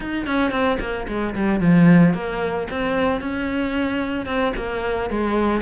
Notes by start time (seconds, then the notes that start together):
0.00 D#4
0.26 C#4
0.51 C4
0.79 A#3
1.07 G#3
1.35 G3
1.60 F3
2.14 A#3
2.70 C4
3.20 C#4
4.25 C4
4.56 A#3
5.09 G#3